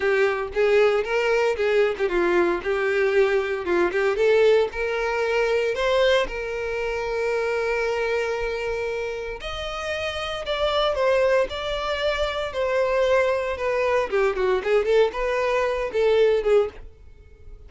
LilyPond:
\new Staff \with { instrumentName = "violin" } { \time 4/4 \tempo 4 = 115 g'4 gis'4 ais'4 gis'8. g'16 | f'4 g'2 f'8 g'8 | a'4 ais'2 c''4 | ais'1~ |
ais'2 dis''2 | d''4 c''4 d''2 | c''2 b'4 g'8 fis'8 | gis'8 a'8 b'4. a'4 gis'8 | }